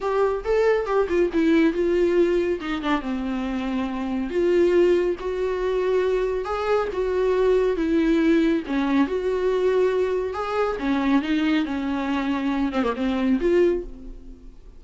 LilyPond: \new Staff \with { instrumentName = "viola" } { \time 4/4 \tempo 4 = 139 g'4 a'4 g'8 f'8 e'4 | f'2 dis'8 d'8 c'4~ | c'2 f'2 | fis'2. gis'4 |
fis'2 e'2 | cis'4 fis'2. | gis'4 cis'4 dis'4 cis'4~ | cis'4. c'16 ais16 c'4 f'4 | }